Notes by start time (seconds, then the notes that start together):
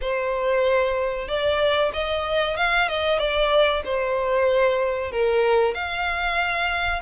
0.01 C5
1.28 D5
1.93 D#5
2.56 F5
2.88 D#5
3.19 D5
3.84 C5
5.11 A#4
5.74 F5